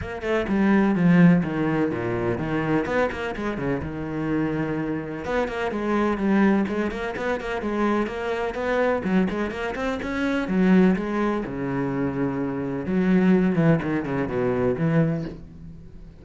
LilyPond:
\new Staff \with { instrumentName = "cello" } { \time 4/4 \tempo 4 = 126 ais8 a8 g4 f4 dis4 | ais,4 dis4 b8 ais8 gis8 cis8 | dis2. b8 ais8 | gis4 g4 gis8 ais8 b8 ais8 |
gis4 ais4 b4 fis8 gis8 | ais8 c'8 cis'4 fis4 gis4 | cis2. fis4~ | fis8 e8 dis8 cis8 b,4 e4 | }